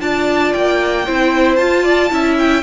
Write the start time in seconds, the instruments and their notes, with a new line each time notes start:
0.00 cello D4, viola F4, violin D5 A5
0.53 cello A#3, violin G5
1.05 cello C4, viola E4, violin C5
1.55 viola F4, cello F4, violin A5
1.83 violin D5
2.09 cello C#4, viola E4, violin E5
2.38 violin G5